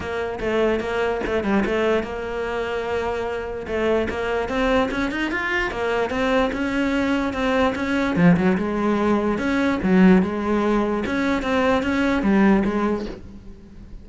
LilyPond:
\new Staff \with { instrumentName = "cello" } { \time 4/4 \tempo 4 = 147 ais4 a4 ais4 a8 g8 | a4 ais2.~ | ais4 a4 ais4 c'4 | cis'8 dis'8 f'4 ais4 c'4 |
cis'2 c'4 cis'4 | f8 fis8 gis2 cis'4 | fis4 gis2 cis'4 | c'4 cis'4 g4 gis4 | }